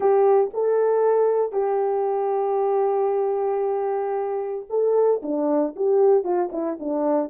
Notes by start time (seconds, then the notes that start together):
0.00 G4
0.53 A4
1.52 G4
4.69 A4
5.22 D4
5.76 G4
6.23 F4
6.51 E4
6.79 D4